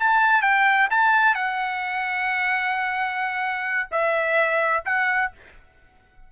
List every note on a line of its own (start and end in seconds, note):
0.00 0.42 A5
0.42 0.88 G5
0.91 1.35 A5
1.35 3.89 F#5
3.92 4.84 E5
4.86 5.32 F#5